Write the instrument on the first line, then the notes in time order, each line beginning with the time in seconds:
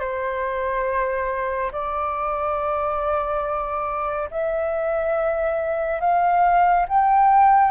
flute
0.00 C5
1.72 D5
4.31 E5
6.01 F5
6.88 G5